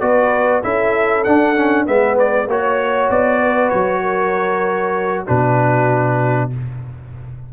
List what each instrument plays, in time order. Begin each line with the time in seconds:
0.00 tuba B3, trombone F#4, horn B4, trumpet D5
0.62 tuba C#4, trombone E4, horn A4, trumpet E5
1.24 trombone D4, tuba D4, trumpet F#5
1.56 trombone C#4
1.85 tuba G#3, trombone B3, horn B4, trumpet E5
2.19 trumpet D5
2.47 tuba A#3, trombone F#4, horn C#5, trumpet C#5
3.10 tuba B3, trumpet D5
3.41 horn B4
3.70 tuba F#3, trumpet C#5
4.02 horn A#4
5.25 tuba B2, trombone D4, horn F#4, trumpet B4